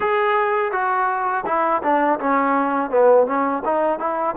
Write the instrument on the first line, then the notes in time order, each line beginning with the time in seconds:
trombone
0.00 G#4
0.72 F#4
1.46 E4
1.82 D4
2.19 C#4
2.90 B3
3.26 C#4
3.64 D#4
3.99 E4